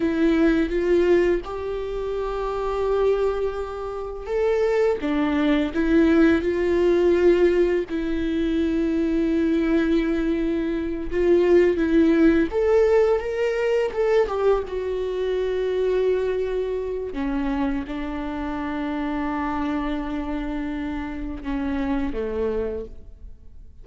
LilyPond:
\new Staff \with { instrumentName = "viola" } { \time 4/4 \tempo 4 = 84 e'4 f'4 g'2~ | g'2 a'4 d'4 | e'4 f'2 e'4~ | e'2.~ e'8 f'8~ |
f'8 e'4 a'4 ais'4 a'8 | g'8 fis'2.~ fis'8 | cis'4 d'2.~ | d'2 cis'4 a4 | }